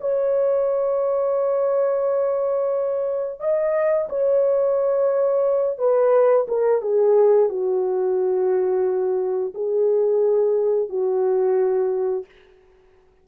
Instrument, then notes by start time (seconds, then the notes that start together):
horn
0.00 C#5
3.40 D#5
4.09 C#5
5.78 B4
6.48 A#4
6.81 G#4
7.49 F#4
9.54 G#4
10.89 F#4